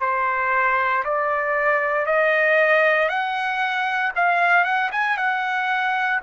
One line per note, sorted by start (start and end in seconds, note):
0.00 1.03 C5
1.04 2.06 D5
2.06 3.08 D#5
3.08 4.12 F#5
4.16 4.64 F5
4.64 4.90 F#5
4.91 5.17 G#5
5.17 6.21 F#5